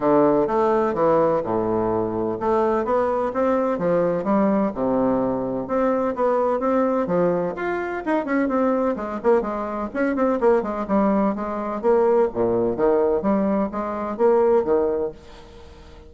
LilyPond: \new Staff \with { instrumentName = "bassoon" } { \time 4/4 \tempo 4 = 127 d4 a4 e4 a,4~ | a,4 a4 b4 c'4 | f4 g4 c2 | c'4 b4 c'4 f4 |
f'4 dis'8 cis'8 c'4 gis8 ais8 | gis4 cis'8 c'8 ais8 gis8 g4 | gis4 ais4 ais,4 dis4 | g4 gis4 ais4 dis4 | }